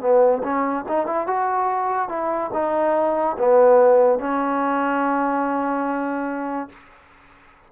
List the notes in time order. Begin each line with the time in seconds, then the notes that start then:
0.00 B3
0.43 C#4
0.88 D#4
1.06 E4
1.27 F#4
2.09 E4
2.53 D#4
3.38 B3
4.19 C#4